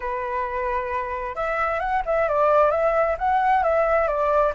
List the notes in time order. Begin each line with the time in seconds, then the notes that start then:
0.00 B4
1.35 E5
1.79 F#5
2.05 E5
2.28 D5
2.70 E5
3.18 F#5
3.63 E5
4.07 D5